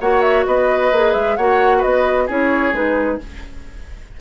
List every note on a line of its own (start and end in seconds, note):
0.00 0.46 A#3
0.00 0.92 F#4
0.00 0.46 C#5
0.00 0.21 F#5
0.21 0.44 E5
0.46 0.91 B3
0.46 1.37 B4
0.46 1.13 D#5
0.91 1.14 A#3
0.91 1.39 G#4
1.13 1.37 G#3
1.13 1.36 E5
1.36 1.83 A#3
1.36 2.28 F#4
1.36 1.78 C#5
1.36 1.82 F#5
1.78 2.23 B4
1.78 2.27 D#5
1.84 2.28 B3
2.26 2.73 C#4
2.26 2.72 E4
2.26 3.18 G#4
2.26 2.74 C#5
2.72 3.18 G#3
2.72 3.18 D#4
2.72 3.20 B4